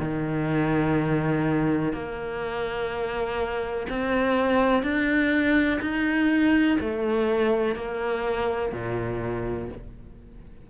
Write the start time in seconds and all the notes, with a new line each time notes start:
0.00 D#3
1.94 A#3
3.90 C4
4.83 D4
5.82 D#4
6.80 A3
7.76 A#3
8.72 A#2